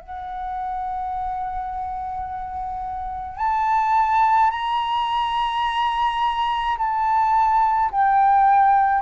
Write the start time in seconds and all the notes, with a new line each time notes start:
0.00 F#5
3.38 A5
4.51 A#5
6.78 A5
7.91 G5